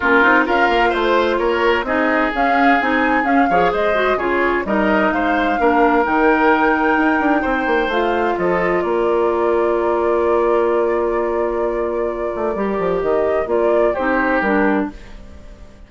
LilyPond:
<<
  \new Staff \with { instrumentName = "flute" } { \time 4/4 \tempo 4 = 129 ais'4 f''4 c''4 cis''4 | dis''4 f''4 gis''4 f''4 | dis''4 cis''4 dis''4 f''4~ | f''4 g''2.~ |
g''4 f''4 dis''4 d''4~ | d''1~ | d''1 | dis''4 d''4 c''4 ais'4 | }
  \new Staff \with { instrumentName = "oboe" } { \time 4/4 f'4 ais'4 c''4 ais'4 | gis'2.~ gis'8 cis''8 | c''4 gis'4 ais'4 c''4 | ais'1 |
c''2 a'4 ais'4~ | ais'1~ | ais'1~ | ais'2 g'2 | }
  \new Staff \with { instrumentName = "clarinet" } { \time 4/4 cis'8 dis'8 f'2. | dis'4 cis'4 dis'4 cis'8 gis'8~ | gis'8 fis'8 f'4 dis'2 | d'4 dis'2.~ |
dis'4 f'2.~ | f'1~ | f'2. g'4~ | g'4 f'4 dis'4 d'4 | }
  \new Staff \with { instrumentName = "bassoon" } { \time 4/4 ais8 c'8 cis'8 ais8 a4 ais4 | c'4 cis'4 c'4 cis'8 f8 | gis4 cis4 g4 gis4 | ais4 dis2 dis'8 d'8 |
c'8 ais8 a4 f4 ais4~ | ais1~ | ais2~ ais8 a8 g8 f8 | dis4 ais4 c'4 g4 | }
>>